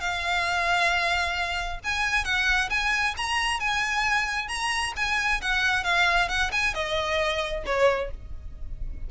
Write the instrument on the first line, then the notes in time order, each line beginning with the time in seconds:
violin
0.00 F5
1.84 G#5
2.24 F#5
2.69 G#5
3.17 A#5
3.59 G#5
4.48 A#5
4.96 G#5
5.41 F#5
5.84 F5
6.28 F#5
6.52 G#5
6.74 D#5
7.65 C#5